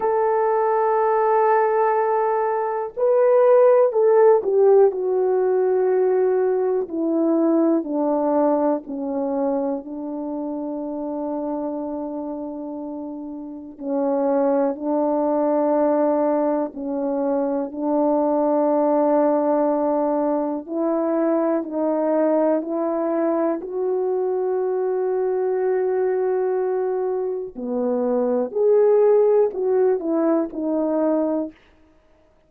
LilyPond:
\new Staff \with { instrumentName = "horn" } { \time 4/4 \tempo 4 = 61 a'2. b'4 | a'8 g'8 fis'2 e'4 | d'4 cis'4 d'2~ | d'2 cis'4 d'4~ |
d'4 cis'4 d'2~ | d'4 e'4 dis'4 e'4 | fis'1 | b4 gis'4 fis'8 e'8 dis'4 | }